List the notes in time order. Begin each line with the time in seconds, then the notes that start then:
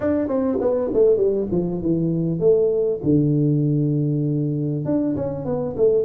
0.00 D4
0.28 C4
0.60 B3
0.93 A3
1.17 G3
1.51 F3
1.81 E3
2.39 A3
3.03 D3
4.85 D4
5.16 C#4
5.45 B3
5.76 A3